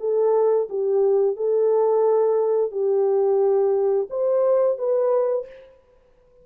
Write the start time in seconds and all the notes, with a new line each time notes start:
0.00 A4
0.69 G4
1.36 A4
2.72 G4
4.10 C5
4.79 B4